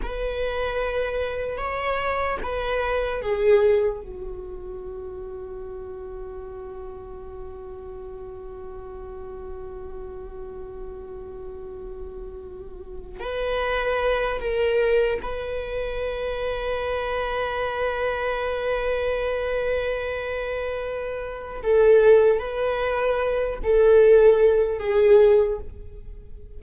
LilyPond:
\new Staff \with { instrumentName = "viola" } { \time 4/4 \tempo 4 = 75 b'2 cis''4 b'4 | gis'4 fis'2.~ | fis'1~ | fis'1~ |
fis'8 b'4. ais'4 b'4~ | b'1~ | b'2. a'4 | b'4. a'4. gis'4 | }